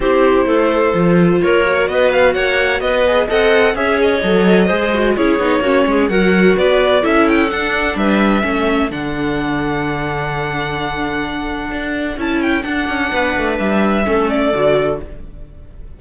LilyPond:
<<
  \new Staff \with { instrumentName = "violin" } { \time 4/4 \tempo 4 = 128 c''2. cis''4 | dis''8 f''8 fis''4 dis''4 fis''4 | e''8 dis''2~ dis''8 cis''4~ | cis''4 fis''4 d''4 e''8 g''8 |
fis''4 e''2 fis''4~ | fis''1~ | fis''2 a''8 g''8 fis''4~ | fis''4 e''4. d''4. | }
  \new Staff \with { instrumentName = "clarinet" } { \time 4/4 g'4 a'2 ais'4 | b'4 cis''4 b'4 dis''4 | cis''2 c''4 gis'4 | fis'8 gis'8 ais'4 b'4 a'4~ |
a'4 b'4 a'2~ | a'1~ | a'1 | b'2 a'2 | }
  \new Staff \with { instrumentName = "viola" } { \time 4/4 e'2 f'4. fis'8~ | fis'2~ fis'8 gis'8 a'4 | gis'4 a'4 gis'8 fis'8 e'8 dis'8 | cis'4 fis'2 e'4 |
d'2 cis'4 d'4~ | d'1~ | d'2 e'4 d'4~ | d'2 cis'4 fis'4 | }
  \new Staff \with { instrumentName = "cello" } { \time 4/4 c'4 a4 f4 ais4 | b4 ais4 b4 c'4 | cis'4 fis4 gis4 cis'8 b8 | ais8 gis8 fis4 b4 cis'4 |
d'4 g4 a4 d4~ | d1~ | d4 d'4 cis'4 d'8 cis'8 | b8 a8 g4 a4 d4 | }
>>